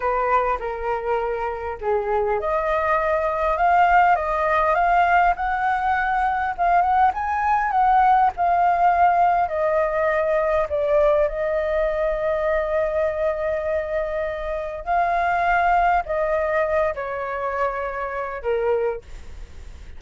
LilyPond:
\new Staff \with { instrumentName = "flute" } { \time 4/4 \tempo 4 = 101 b'4 ais'2 gis'4 | dis''2 f''4 dis''4 | f''4 fis''2 f''8 fis''8 | gis''4 fis''4 f''2 |
dis''2 d''4 dis''4~ | dis''1~ | dis''4 f''2 dis''4~ | dis''8 cis''2~ cis''8 ais'4 | }